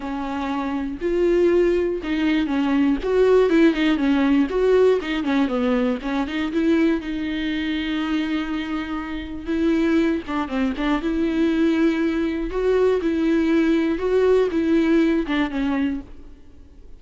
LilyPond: \new Staff \with { instrumentName = "viola" } { \time 4/4 \tempo 4 = 120 cis'2 f'2 | dis'4 cis'4 fis'4 e'8 dis'8 | cis'4 fis'4 dis'8 cis'8 b4 | cis'8 dis'8 e'4 dis'2~ |
dis'2. e'4~ | e'8 d'8 c'8 d'8 e'2~ | e'4 fis'4 e'2 | fis'4 e'4. d'8 cis'4 | }